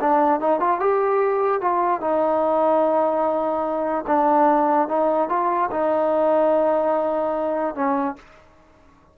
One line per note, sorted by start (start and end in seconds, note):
0.00 0.40 D4
0.40 0.60 D#4
0.60 0.80 F4
0.80 1.61 G4
1.61 2.00 F4
2.00 4.04 D#4
4.07 4.88 D4
4.88 5.29 D#4
5.29 5.69 F4
5.71 7.75 D#4
7.75 8.15 C#4